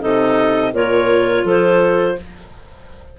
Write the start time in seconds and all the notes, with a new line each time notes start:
0.00 C3 D#4 A4 D#5
0.73 A#2 F4 A#4 C#5
1.44 F3 A4 C5